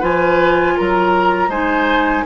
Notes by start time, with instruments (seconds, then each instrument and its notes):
0.00 bassoon F3, clarinet F4, oboe B4, flute G#5
0.77 bassoon F#3, oboe A#4, flute A#5
1.49 bassoon G#3, clarinet D#4, oboe C5, flute G#5